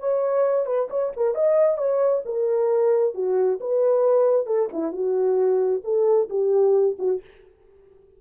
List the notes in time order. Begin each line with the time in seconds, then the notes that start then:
0.00 C#5
0.66 B4
0.90 C#5
1.16 A#4
1.35 D#5
1.78 C#5
2.26 A#4
3.15 F#4
3.61 B4
4.47 A4
4.73 E4
4.92 F#4
5.84 A4
6.30 G4
6.99 F#4